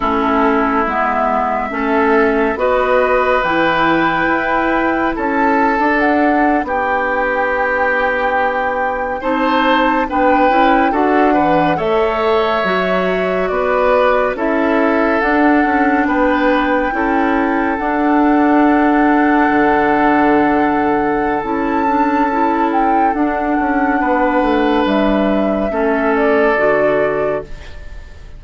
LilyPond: <<
  \new Staff \with { instrumentName = "flute" } { \time 4/4 \tempo 4 = 70 a'4 e''2 dis''4 | g''2 a''4 fis''8. g''16~ | g''2~ g''8. a''4 g''16~ | g''8. fis''4 e''2 d''16~ |
d''8. e''4 fis''4 g''4~ g''16~ | g''8. fis''2.~ fis''16~ | fis''4 a''4. g''8 fis''4~ | fis''4 e''4. d''4. | }
  \new Staff \with { instrumentName = "oboe" } { \time 4/4 e'2 a'4 b'4~ | b'2 a'4.~ a'16 g'16~ | g'2~ g'8. c''4 b'16~ | b'8. a'8 b'8 cis''2 b'16~ |
b'8. a'2 b'4 a'16~ | a'1~ | a'1 | b'2 a'2 | }
  \new Staff \with { instrumentName = "clarinet" } { \time 4/4 cis'4 b4 cis'4 fis'4 | e'2~ e'8. d'4~ d'16~ | d'2~ d'8. dis'4 d'16~ | d'16 e'8 fis'8 e8 a'4 fis'4~ fis'16~ |
fis'8. e'4 d'2 e'16~ | e'8. d'2.~ d'16~ | d'4 e'8 d'8 e'4 d'4~ | d'2 cis'4 fis'4 | }
  \new Staff \with { instrumentName = "bassoon" } { \time 4/4 a4 gis4 a4 b4 | e4 e'4 cis'8. d'4 b16~ | b2~ b8. c'4 b16~ | b16 cis'8 d'4 a4 fis4 b16~ |
b8. cis'4 d'8 cis'8 b4 cis'16~ | cis'8. d'2 d4~ d16~ | d4 cis'2 d'8 cis'8 | b8 a8 g4 a4 d4 | }
>>